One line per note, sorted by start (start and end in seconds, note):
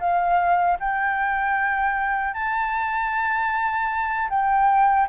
0.00 0.78 F5
0.80 2.34 G5
2.34 4.29 A5
4.30 5.08 G5